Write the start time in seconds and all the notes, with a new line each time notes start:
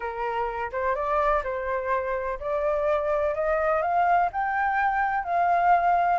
0.00 A#4
0.71 C5
0.95 D5
1.43 C5
2.39 D5
3.34 D#5
3.82 F5
4.32 G5
5.24 F5